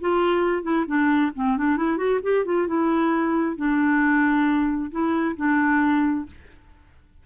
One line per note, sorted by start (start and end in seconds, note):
0.00 0.63 F4
0.63 0.85 E4
0.87 1.31 D4
1.35 1.57 C4
1.57 1.76 D4
1.76 1.97 E4
1.97 2.20 F#4
2.22 2.45 G4
2.45 2.67 F4
2.67 3.56 E4
3.56 4.91 D4
4.91 5.35 E4
5.36 6.26 D4